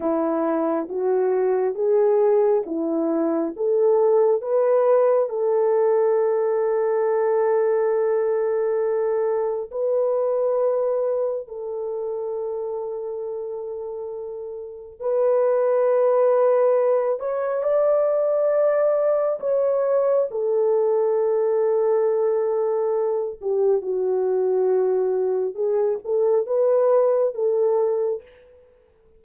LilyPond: \new Staff \with { instrumentName = "horn" } { \time 4/4 \tempo 4 = 68 e'4 fis'4 gis'4 e'4 | a'4 b'4 a'2~ | a'2. b'4~ | b'4 a'2.~ |
a'4 b'2~ b'8 cis''8 | d''2 cis''4 a'4~ | a'2~ a'8 g'8 fis'4~ | fis'4 gis'8 a'8 b'4 a'4 | }